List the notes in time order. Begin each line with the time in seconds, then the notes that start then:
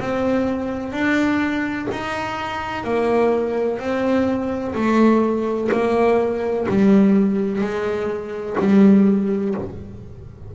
0.00 C4
0.93 D4
1.92 D#4
2.84 A#3
3.80 C4
4.75 A3
5.72 A#3
6.69 G3
7.62 G#3
8.60 G3